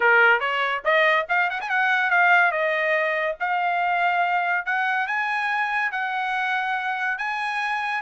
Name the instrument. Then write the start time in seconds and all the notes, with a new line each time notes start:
trumpet
0.00 A#4
0.40 C#5
0.84 D#5
1.28 F5
1.50 F#5
1.60 G#5
1.69 F#5
2.10 F5
2.51 D#5
3.40 F5
4.65 F#5
5.07 G#5
5.91 F#5
7.17 G#5